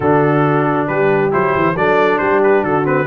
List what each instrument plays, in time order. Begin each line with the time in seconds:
0.00 tuba D3, trombone D4, horn F#4, trumpet A4
0.87 tuba G3, horn G4, trumpet B4
1.30 tuba F#3, trombone E4, trumpet C5
1.55 tuba E3
1.75 tuba F#3, trombone D4, horn A4, trumpet D5
2.18 tuba G3, horn G4, trumpet C5
2.43 trumpet B4
2.63 tuba D3, horn F#4, trumpet A4
2.83 trombone C4, trumpet B4